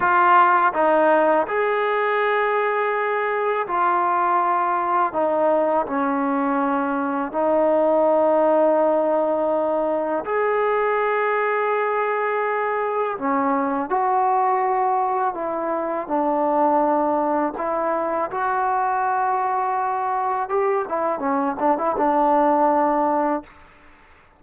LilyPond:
\new Staff \with { instrumentName = "trombone" } { \time 4/4 \tempo 4 = 82 f'4 dis'4 gis'2~ | gis'4 f'2 dis'4 | cis'2 dis'2~ | dis'2 gis'2~ |
gis'2 cis'4 fis'4~ | fis'4 e'4 d'2 | e'4 fis'2. | g'8 e'8 cis'8 d'16 e'16 d'2 | }